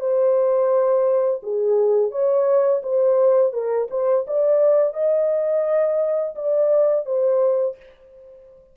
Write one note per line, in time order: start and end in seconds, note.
0.00 1.41 C5
1.43 2.11 G#4
2.11 2.82 C#5
2.83 3.53 C5
3.53 3.88 A#4
3.91 4.26 C5
4.27 4.94 D5
4.94 6.35 D#5
6.35 7.06 D5
7.06 7.76 C5